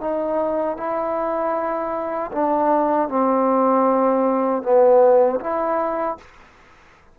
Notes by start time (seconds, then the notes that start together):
0.00 D#4
0.77 E4
2.32 D4
3.08 C4
4.63 B3
5.40 E4